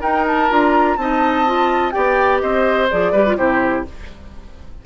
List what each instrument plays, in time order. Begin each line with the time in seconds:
0.00 clarinet D#4, bassoon D#4, oboe A#4, flute G5
0.27 flute A5
0.50 bassoon D4, clarinet F4, flute A#5
0.97 bassoon C4, clarinet D#4, oboe D#5, flute A5
1.46 clarinet F4
1.91 bassoon B3, clarinet G4, oboe D5, flute G5
2.41 bassoon C4, oboe C5, flute D#5
2.90 bassoon F3, clarinet G#4, flute D5
3.12 bassoon G3, clarinet G4, oboe B4
3.27 clarinet F4
3.37 bassoon C3, clarinet E4, oboe G4, flute C5